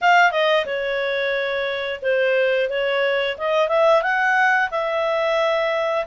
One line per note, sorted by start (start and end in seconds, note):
0.01 0.31 F5
0.31 0.65 D#5
0.65 2.00 C#5
2.02 2.69 C5
2.69 3.37 C#5
3.37 3.68 D#5
3.68 4.02 E5
4.02 4.69 F#5
4.70 6.05 E5